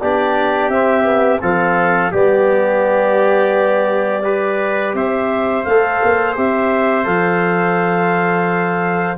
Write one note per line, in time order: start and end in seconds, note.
0.00 0.69 B3
0.00 0.72 D4
0.00 1.41 G4
0.00 0.69 D5
0.69 1.39 C4
0.69 1.03 C4
0.69 1.40 E5
1.03 1.38 B3
1.41 2.13 F3
1.41 2.11 C4
1.41 2.11 A4
1.41 2.12 F5
2.11 4.93 G3
2.11 4.23 B3
2.11 4.23 G4
2.11 4.95 D5
4.23 5.64 G4
4.23 4.94 B4
4.93 5.64 C4
4.93 9.17 C5
4.93 5.63 E5
5.63 6.01 A3
5.63 6.35 A4
5.63 6.34 F5
6.03 6.37 A#3
6.35 7.06 C4
6.35 7.04 G4
6.35 7.05 E5
7.04 9.17 F3
7.04 9.15 A4
7.04 9.17 F5